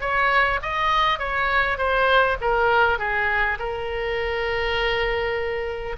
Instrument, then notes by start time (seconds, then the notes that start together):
oboe
0.00 C#5
0.62 D#5
1.19 C#5
1.77 C5
2.41 A#4
2.98 G#4
3.58 A#4